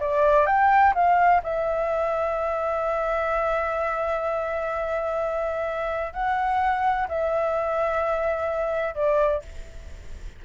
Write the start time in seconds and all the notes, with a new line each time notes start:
0.00 D5
0.46 G5
0.94 F5
1.43 E5
6.13 F#5
7.09 E5
8.95 D5